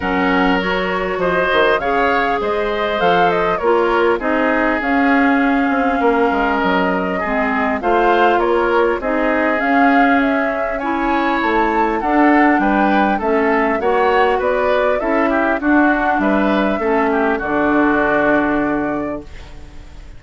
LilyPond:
<<
  \new Staff \with { instrumentName = "flute" } { \time 4/4 \tempo 4 = 100 fis''4 cis''4 dis''4 f''4 | dis''4 f''8 dis''8 cis''4 dis''4 | f''2. dis''4~ | dis''4 f''4 cis''4 dis''4 |
f''4 e''4 gis''4 a''4 | fis''4 g''4 e''4 fis''4 | d''4 e''4 fis''4 e''4~ | e''4 d''2. | }
  \new Staff \with { instrumentName = "oboe" } { \time 4/4 ais'2 c''4 cis''4 | c''2 ais'4 gis'4~ | gis'2 ais'2 | gis'4 c''4 ais'4 gis'4~ |
gis'2 cis''2 | a'4 b'4 a'4 cis''4 | b'4 a'8 g'8 fis'4 b'4 | a'8 g'8 fis'2. | }
  \new Staff \with { instrumentName = "clarinet" } { \time 4/4 cis'4 fis'2 gis'4~ | gis'4 a'4 f'4 dis'4 | cis'1 | c'4 f'2 dis'4 |
cis'2 e'2 | d'2 cis'4 fis'4~ | fis'4 e'4 d'2 | cis'4 d'2. | }
  \new Staff \with { instrumentName = "bassoon" } { \time 4/4 fis2 f8 dis8 cis4 | gis4 f4 ais4 c'4 | cis'4. c'8 ais8 gis8 fis4 | gis4 a4 ais4 c'4 |
cis'2. a4 | d'4 g4 a4 ais4 | b4 cis'4 d'4 g4 | a4 d2. | }
>>